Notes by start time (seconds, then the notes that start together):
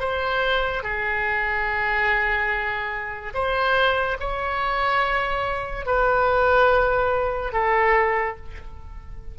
0.00 C5
0.83 G#4
3.34 C5
4.20 C#5
5.86 B4
7.53 A4